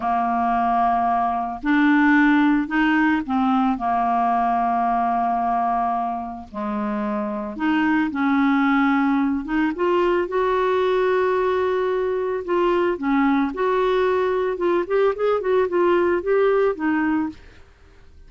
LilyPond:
\new Staff \with { instrumentName = "clarinet" } { \time 4/4 \tempo 4 = 111 ais2. d'4~ | d'4 dis'4 c'4 ais4~ | ais1 | gis2 dis'4 cis'4~ |
cis'4. dis'8 f'4 fis'4~ | fis'2. f'4 | cis'4 fis'2 f'8 g'8 | gis'8 fis'8 f'4 g'4 dis'4 | }